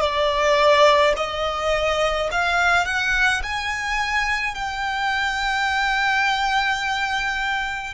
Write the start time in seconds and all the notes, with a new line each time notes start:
0.00 D5
1.16 D#5
2.31 F5
2.85 F#5
3.43 G#5
4.54 G5